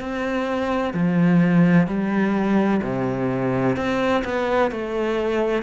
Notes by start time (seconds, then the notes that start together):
0.00 C4
0.93 F3
1.87 G3
2.83 C3
3.77 C4
4.24 B3
4.71 A3